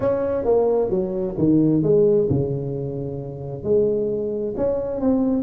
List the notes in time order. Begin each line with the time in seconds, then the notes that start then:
0.00 C#4
0.44 A#3
0.89 F#3
1.37 D#3
1.82 G#3
2.29 C#3
3.63 G#3
4.56 C#4
5.00 C4